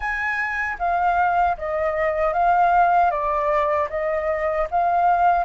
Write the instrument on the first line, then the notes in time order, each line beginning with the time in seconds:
flute
0.00 G#5
0.79 F5
1.57 D#5
2.33 F5
3.10 D5
3.89 D#5
4.70 F5